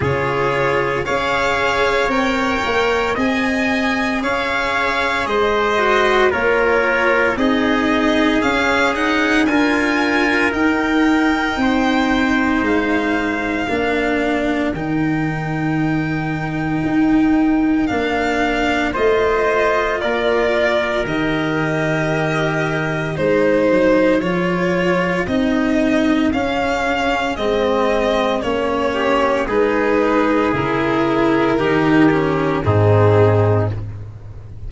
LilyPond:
<<
  \new Staff \with { instrumentName = "violin" } { \time 4/4 \tempo 4 = 57 cis''4 f''4 g''4 gis''4 | f''4 dis''4 cis''4 dis''4 | f''8 fis''8 gis''4 g''2 | f''2 g''2~ |
g''4 f''4 dis''4 d''4 | dis''2 c''4 cis''4 | dis''4 f''4 dis''4 cis''4 | b'4 ais'2 gis'4 | }
  \new Staff \with { instrumentName = "trumpet" } { \time 4/4 gis'4 cis''2 dis''4 | cis''4 c''4 ais'4 gis'4~ | gis'4 ais'2 c''4~ | c''4 ais'2.~ |
ais'2 c''4 ais'4~ | ais'2 gis'2~ | gis'2.~ gis'8 g'8 | gis'2 g'4 dis'4 | }
  \new Staff \with { instrumentName = "cello" } { \time 4/4 f'4 gis'4 ais'4 gis'4~ | gis'4. fis'8 f'4 dis'4 | cis'8 dis'8 f'4 dis'2~ | dis'4 d'4 dis'2~ |
dis'4 d'4 f'2 | g'2 dis'4 f'4 | dis'4 cis'4 c'4 cis'4 | dis'4 e'4 dis'8 cis'8 c'4 | }
  \new Staff \with { instrumentName = "tuba" } { \time 4/4 cis4 cis'4 c'8 ais8 c'4 | cis'4 gis4 ais4 c'4 | cis'4 d'4 dis'4 c'4 | gis4 ais4 dis2 |
dis'4 ais4 a4 ais4 | dis2 gis8 fis8 f4 | c'4 cis'4 gis4 ais4 | gis4 cis4 dis4 gis,4 | }
>>